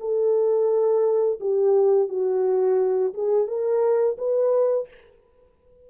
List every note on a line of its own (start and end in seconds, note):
0.00 1.40 A4
1.40 2.09 G4
2.09 3.13 F#4
3.14 3.48 G#4
3.48 4.17 A#4
4.18 4.88 B4